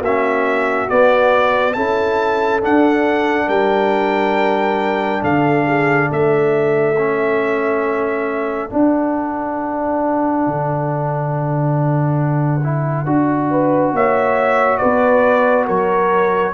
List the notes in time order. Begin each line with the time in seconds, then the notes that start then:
0.00 A#3 C#4 F#4 E5
0.89 B3 D5
1.73 C#4 E4 A4 A5
2.61 D4 F#5
3.47 G3 A#4 G5
5.22 D3 A4 F5
5.67 G#4
6.09 A3 A4 E5
6.98 C#4
8.70 D4 F#5
10.47 D3
12.64 E4
13.06 D4 F#4
13.50 B4
13.93 A#3 C#5 E5
14.78 B3 B4 D5
15.66 F#3 A#4 C#5